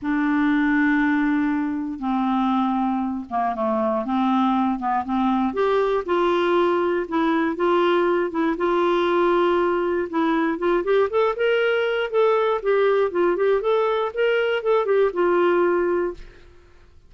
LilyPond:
\new Staff \with { instrumentName = "clarinet" } { \time 4/4 \tempo 4 = 119 d'1 | c'2~ c'8 ais8 a4 | c'4. b8 c'4 g'4 | f'2 e'4 f'4~ |
f'8 e'8 f'2. | e'4 f'8 g'8 a'8 ais'4. | a'4 g'4 f'8 g'8 a'4 | ais'4 a'8 g'8 f'2 | }